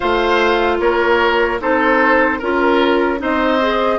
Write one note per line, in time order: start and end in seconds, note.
0.00 0.79 A3
0.00 1.60 F4
0.00 0.77 C5
0.00 0.78 F5
0.79 1.59 A#3
0.79 1.60 A#4
0.79 1.59 C#5
1.60 2.40 C4
1.60 2.40 D#4
1.60 2.39 A4
1.60 2.39 C5
2.39 3.21 C#4
2.39 3.18 F4
2.39 3.19 A#4
3.18 3.98 C4
3.18 3.58 D#4
3.18 3.98 C5
3.18 3.98 D#5
3.60 3.98 G#4